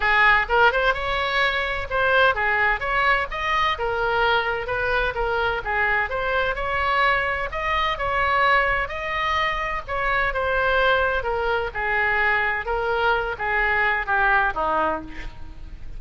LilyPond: \new Staff \with { instrumentName = "oboe" } { \time 4/4 \tempo 4 = 128 gis'4 ais'8 c''8 cis''2 | c''4 gis'4 cis''4 dis''4 | ais'2 b'4 ais'4 | gis'4 c''4 cis''2 |
dis''4 cis''2 dis''4~ | dis''4 cis''4 c''2 | ais'4 gis'2 ais'4~ | ais'8 gis'4. g'4 dis'4 | }